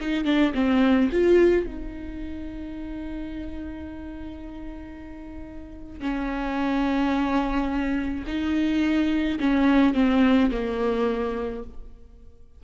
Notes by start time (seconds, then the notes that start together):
0.00 D#4
0.25 D4
0.54 C4
1.12 F4
1.67 D#4
6.00 C#4
8.27 D#4
9.40 C#4
9.94 C4
10.51 A#3